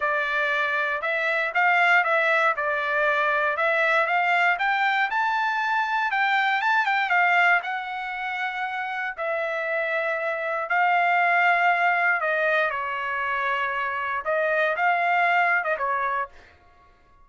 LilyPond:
\new Staff \with { instrumentName = "trumpet" } { \time 4/4 \tempo 4 = 118 d''2 e''4 f''4 | e''4 d''2 e''4 | f''4 g''4 a''2 | g''4 a''8 g''8 f''4 fis''4~ |
fis''2 e''2~ | e''4 f''2. | dis''4 cis''2. | dis''4 f''4.~ f''16 dis''16 cis''4 | }